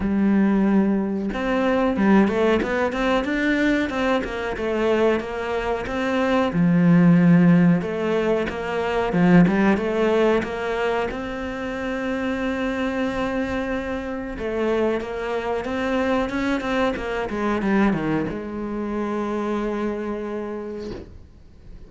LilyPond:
\new Staff \with { instrumentName = "cello" } { \time 4/4 \tempo 4 = 92 g2 c'4 g8 a8 | b8 c'8 d'4 c'8 ais8 a4 | ais4 c'4 f2 | a4 ais4 f8 g8 a4 |
ais4 c'2.~ | c'2 a4 ais4 | c'4 cis'8 c'8 ais8 gis8 g8 dis8 | gis1 | }